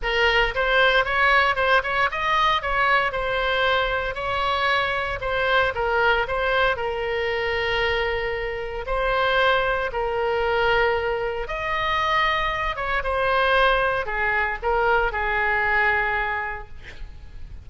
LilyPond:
\new Staff \with { instrumentName = "oboe" } { \time 4/4 \tempo 4 = 115 ais'4 c''4 cis''4 c''8 cis''8 | dis''4 cis''4 c''2 | cis''2 c''4 ais'4 | c''4 ais'2.~ |
ais'4 c''2 ais'4~ | ais'2 dis''2~ | dis''8 cis''8 c''2 gis'4 | ais'4 gis'2. | }